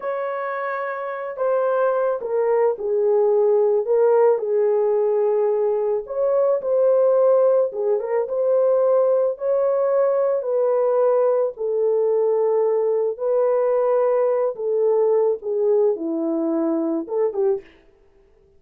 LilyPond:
\new Staff \with { instrumentName = "horn" } { \time 4/4 \tempo 4 = 109 cis''2~ cis''8 c''4. | ais'4 gis'2 ais'4 | gis'2. cis''4 | c''2 gis'8 ais'8 c''4~ |
c''4 cis''2 b'4~ | b'4 a'2. | b'2~ b'8 a'4. | gis'4 e'2 a'8 g'8 | }